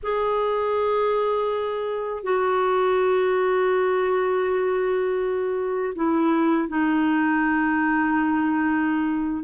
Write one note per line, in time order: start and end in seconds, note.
0.02 2.23 G#4
2.23 5.93 F#4
5.95 6.68 E4
6.68 9.43 D#4